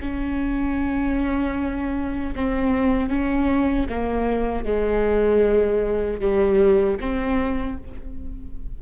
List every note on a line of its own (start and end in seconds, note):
0.00 2.34 C#4
2.35 3.09 C4
3.09 3.87 C#4
3.89 4.64 A#3
4.64 6.20 G#3
6.20 6.98 G3
7.00 7.77 C4